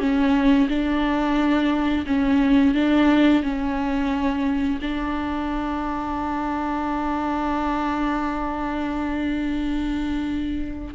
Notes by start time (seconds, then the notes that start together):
0.00 C#4
0.69 D4
2.06 C#4
2.75 D4
3.43 C#4
4.82 D4